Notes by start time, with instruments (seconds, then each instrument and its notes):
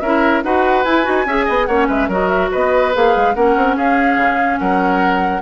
0.00 bassoon C#4, clarinet E4, oboe A#4, flute E5
0.43 bassoon D#4, clarinet F#4, oboe B4, flute F#5
0.84 bassoon E4, clarinet E4, flute G#5
1.03 bassoon D#4, clarinet F#4
1.26 bassoon C#4, clarinet G#4, oboe E5
1.45 bassoon B3, oboe D#5
1.65 bassoon A#3, clarinet C#4, oboe C#5, flute F#5
1.88 bassoon G#3, oboe B4, flute E5
2.08 bassoon F#3, clarinet F#4, oboe A#4, flute D#5
2.28 flute E5
2.51 bassoon B3, oboe B4, flute D#5
2.93 bassoon A#3, clarinet G#4, flute F5
3.16 bassoon G#3
3.34 bassoon A#3, clarinet C#4, oboe A#4, flute F#5
3.56 bassoon C4
3.76 bassoon C#4, oboe G#4, flute F5
4.17 bassoon C#3
4.58 bassoon F#3, oboe A#4, flute F#5